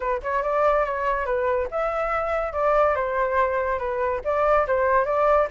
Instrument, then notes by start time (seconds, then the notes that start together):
flute
0.00 B4
0.22 C#5
0.42 D5
0.85 C#5
1.25 B4
1.71 E5
2.53 D5
2.95 C5
3.78 B4
4.24 D5
4.67 C5
5.05 D5